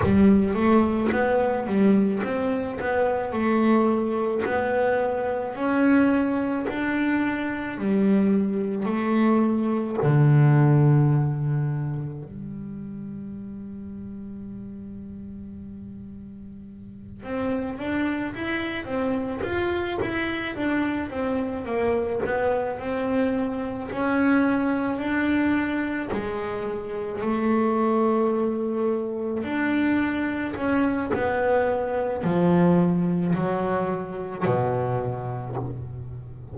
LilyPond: \new Staff \with { instrumentName = "double bass" } { \time 4/4 \tempo 4 = 54 g8 a8 b8 g8 c'8 b8 a4 | b4 cis'4 d'4 g4 | a4 d2 g4~ | g2.~ g8 c'8 |
d'8 e'8 c'8 f'8 e'8 d'8 c'8 ais8 | b8 c'4 cis'4 d'4 gis8~ | gis8 a2 d'4 cis'8 | b4 f4 fis4 b,4 | }